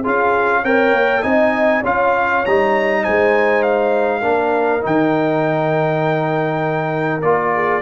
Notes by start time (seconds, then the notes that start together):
0.00 C#4 F4 G#4
0.07 F5
0.62 C4 A#4 C#5 G5
0.92 A#3
1.22 C4 D#4 D#5 G#5
1.81 C#4 F4 C#5 F5
2.45 G3 D#4 A#5
3.03 G#3 C5 G#5
3.63 F5
4.21 A#3 D4 A#4
4.81 D#3 D#4 G5
7.21 A#3 F4 D5
7.54 G#4